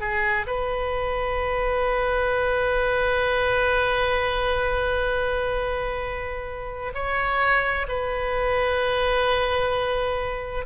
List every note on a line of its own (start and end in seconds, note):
0.00 0.46 G#4
0.47 6.93 B4
6.94 7.87 C#5
7.88 10.65 B4